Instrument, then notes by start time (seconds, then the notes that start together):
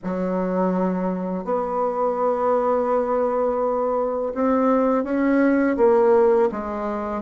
bassoon
0.03 F#3
1.44 B3
4.34 C4
5.04 C#4
5.76 A#3
6.51 G#3